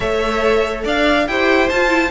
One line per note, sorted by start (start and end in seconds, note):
0.00 0.84 A3
0.00 1.25 A4
0.00 0.83 C#5
0.00 0.85 E5
0.83 1.27 D4
0.83 1.26 D5
0.83 1.27 F5
1.27 1.69 E4
1.27 1.71 G4
1.27 2.11 C5
1.27 1.68 G5
1.68 2.11 F4
1.68 1.89 F4
1.68 2.11 A5
1.89 2.10 E4